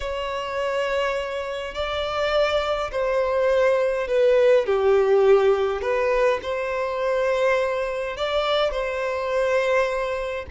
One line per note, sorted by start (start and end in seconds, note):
0.00 1.74 C#5
1.74 2.90 D5
2.91 4.07 C5
4.07 4.65 B4
4.65 5.81 G4
5.81 6.39 B4
6.42 8.16 C5
8.16 8.71 D5
8.71 10.45 C5